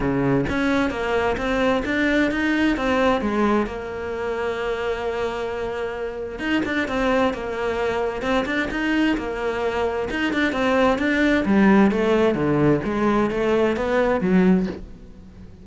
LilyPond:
\new Staff \with { instrumentName = "cello" } { \time 4/4 \tempo 4 = 131 cis4 cis'4 ais4 c'4 | d'4 dis'4 c'4 gis4 | ais1~ | ais2 dis'8 d'8 c'4 |
ais2 c'8 d'8 dis'4 | ais2 dis'8 d'8 c'4 | d'4 g4 a4 d4 | gis4 a4 b4 fis4 | }